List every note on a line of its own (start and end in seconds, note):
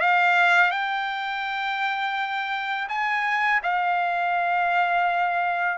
0.00 0.71 F5
0.71 2.88 G5
2.88 3.61 G#5
3.63 5.78 F5